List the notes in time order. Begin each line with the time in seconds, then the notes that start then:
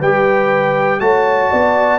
0.00 G3 G4 B4 G5
1.00 A3 F#4 C#5 A5
1.51 B3 D5